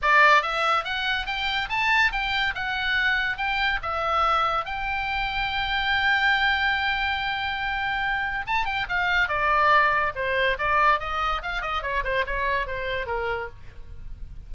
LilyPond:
\new Staff \with { instrumentName = "oboe" } { \time 4/4 \tempo 4 = 142 d''4 e''4 fis''4 g''4 | a''4 g''4 fis''2 | g''4 e''2 g''4~ | g''1~ |
g''1 | a''8 g''8 f''4 d''2 | c''4 d''4 dis''4 f''8 dis''8 | cis''8 c''8 cis''4 c''4 ais'4 | }